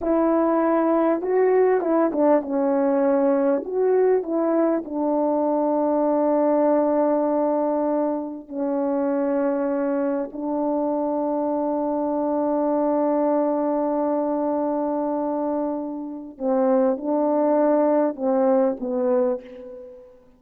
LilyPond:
\new Staff \with { instrumentName = "horn" } { \time 4/4 \tempo 4 = 99 e'2 fis'4 e'8 d'8 | cis'2 fis'4 e'4 | d'1~ | d'2 cis'2~ |
cis'4 d'2.~ | d'1~ | d'2. c'4 | d'2 c'4 b4 | }